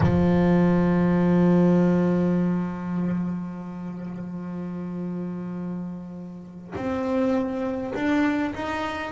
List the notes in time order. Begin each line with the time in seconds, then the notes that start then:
0.00 F3
6.75 C4
7.94 D4
8.55 D#4